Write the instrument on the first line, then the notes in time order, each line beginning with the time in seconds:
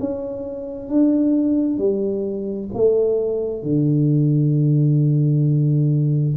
tuba
0.00 C#4
0.89 D4
1.78 G3
2.74 A3
3.63 D3